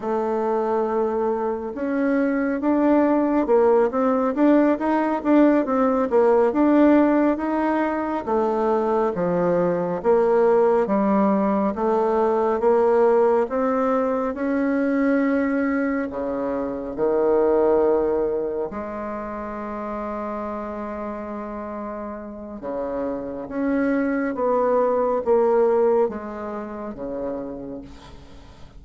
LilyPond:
\new Staff \with { instrumentName = "bassoon" } { \time 4/4 \tempo 4 = 69 a2 cis'4 d'4 | ais8 c'8 d'8 dis'8 d'8 c'8 ais8 d'8~ | d'8 dis'4 a4 f4 ais8~ | ais8 g4 a4 ais4 c'8~ |
c'8 cis'2 cis4 dis8~ | dis4. gis2~ gis8~ | gis2 cis4 cis'4 | b4 ais4 gis4 cis4 | }